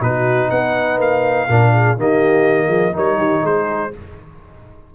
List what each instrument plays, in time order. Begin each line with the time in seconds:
0.00 tuba B2, trombone D#4, horn F#4, trumpet B4
0.50 tuba B3, horn B4, trumpet F#5
0.98 tuba A#3, trumpet F5
1.48 tuba A#2, trombone D4, horn A#4
1.73 horn G#4
1.97 tuba D#3, trombone A#3, horn G4, trumpet D#5
2.66 tuba F3, horn G#4
2.93 tuba G3, trombone D#4, horn A#4, trumpet C#5
3.17 tuba D#3, horn G4
3.42 tuba G#3, horn G#4, trumpet C5